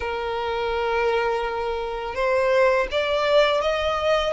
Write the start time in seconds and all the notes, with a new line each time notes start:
0.00 A#4
2.15 C5
2.91 D5
3.61 D#5